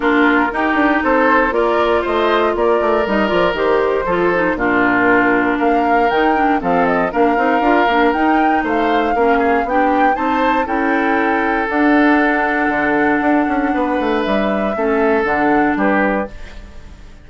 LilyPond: <<
  \new Staff \with { instrumentName = "flute" } { \time 4/4 \tempo 4 = 118 ais'2 c''4 d''4 | dis''4 d''4 dis''8 d''8 c''4~ | c''4 ais'2 f''4 | g''4 f''8 dis''8 f''2 |
g''4 f''2 g''4 | a''4 g''2 fis''4~ | fis''1 | e''2 fis''4 b'4 | }
  \new Staff \with { instrumentName = "oboe" } { \time 4/4 f'4 g'4 a'4 ais'4 | c''4 ais'2. | a'4 f'2 ais'4~ | ais'4 a'4 ais'2~ |
ais'4 c''4 ais'8 gis'8 g'4 | c''4 a'2.~ | a'2. b'4~ | b'4 a'2 g'4 | }
  \new Staff \with { instrumentName = "clarinet" } { \time 4/4 d'4 dis'2 f'4~ | f'2 dis'8 f'8 g'4 | f'8 dis'8 d'2. | dis'8 d'8 c'4 d'8 dis'8 f'8 d'8 |
dis'2 cis'4 d'4 | dis'4 e'2 d'4~ | d'1~ | d'4 cis'4 d'2 | }
  \new Staff \with { instrumentName = "bassoon" } { \time 4/4 ais4 dis'8 d'8 c'4 ais4 | a4 ais8 a8 g8 f8 dis4 | f4 ais,2 ais4 | dis4 f4 ais8 c'8 d'8 ais8 |
dis'4 a4 ais4 b4 | c'4 cis'2 d'4~ | d'4 d4 d'8 cis'8 b8 a8 | g4 a4 d4 g4 | }
>>